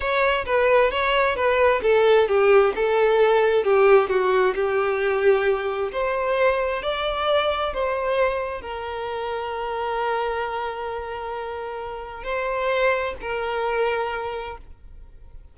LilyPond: \new Staff \with { instrumentName = "violin" } { \time 4/4 \tempo 4 = 132 cis''4 b'4 cis''4 b'4 | a'4 g'4 a'2 | g'4 fis'4 g'2~ | g'4 c''2 d''4~ |
d''4 c''2 ais'4~ | ais'1~ | ais'2. c''4~ | c''4 ais'2. | }